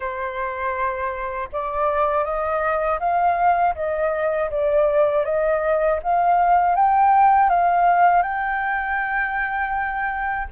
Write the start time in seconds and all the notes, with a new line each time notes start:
0.00 C5
1.52 D5
2.24 D#5
2.99 F5
3.75 D#5
4.50 D5
5.24 D#5
6.02 F5
6.75 G5
7.49 F5
8.22 G5